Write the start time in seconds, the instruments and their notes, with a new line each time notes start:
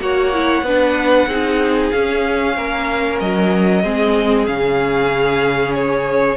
0.00 cello A#3, viola F#4, violin C#5 F#5
0.33 viola E4
0.62 cello B3, viola D4, violin B4
1.27 cello C4, viola D#4, violin G#4
1.91 viola C#4, cello C#4, violin F5
2.56 cello A#3, violin A#4
3.20 cello F#3, violin D#5
3.82 cello G#3, viola C4, violin G#4
4.46 cello C#3, viola C#4, violin F5
5.74 violin C#5